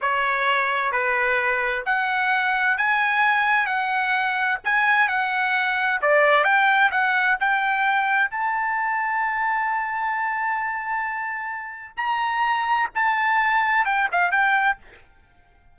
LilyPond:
\new Staff \with { instrumentName = "trumpet" } { \time 4/4 \tempo 4 = 130 cis''2 b'2 | fis''2 gis''2 | fis''2 gis''4 fis''4~ | fis''4 d''4 g''4 fis''4 |
g''2 a''2~ | a''1~ | a''2 ais''2 | a''2 g''8 f''8 g''4 | }